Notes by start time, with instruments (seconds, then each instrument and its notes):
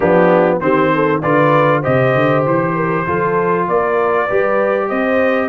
0.00 tuba F3, trombone B3, horn D4, trumpet G4
0.60 tuba D#3, trombone C4, horn G4, trumpet C5
0.94 horn A4
1.22 tuba D3, trombone F4, horn B4, trumpet D5
1.80 tuba C3, trombone G4, horn C5, trumpet D#5
2.15 tuba D3
2.45 tuba E3, trumpet C5
2.75 horn A#4
3.06 tuba F3, trombone F4, horn A4
3.68 tuba A#3, horn A#4, trumpet D5
4.25 tuba G3, trombone G4, horn B4
4.88 tuba C4, horn C5, trumpet D#5